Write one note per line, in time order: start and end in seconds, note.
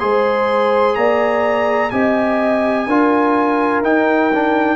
0.00 0.96 G#3
0.00 1.91 G#4
0.00 0.97 C5
0.00 0.95 C6
0.95 1.92 A#3
0.95 1.93 D5
0.95 1.90 A#5
1.91 2.87 C4
1.91 2.87 G4
1.91 2.87 D#5
1.91 3.81 G#5
2.87 3.82 D4
2.87 3.84 F4
2.87 4.76 A#4
3.82 4.76 D#4
3.82 4.32 D#4
3.82 4.76 G5
4.34 4.76 D4